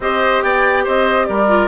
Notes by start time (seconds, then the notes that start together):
0.00 C4 G4 C5 D#5
0.42 B3 D5 G5
0.84 C4 C5 D#5
1.26 G3 A#4 D5
1.48 F4